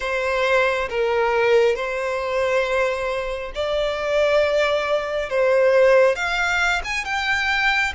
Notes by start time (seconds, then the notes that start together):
0.00 C5
0.89 A#4
1.75 C5
3.55 D5
5.29 C5
6.15 F5
6.84 G#5
7.05 G5